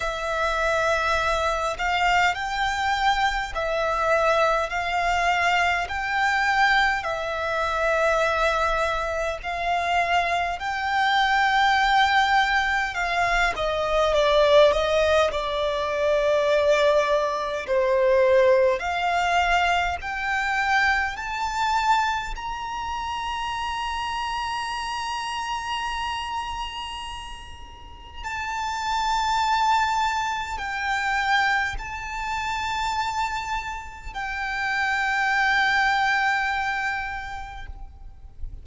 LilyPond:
\new Staff \with { instrumentName = "violin" } { \time 4/4 \tempo 4 = 51 e''4. f''8 g''4 e''4 | f''4 g''4 e''2 | f''4 g''2 f''8 dis''8 | d''8 dis''8 d''2 c''4 |
f''4 g''4 a''4 ais''4~ | ais''1 | a''2 g''4 a''4~ | a''4 g''2. | }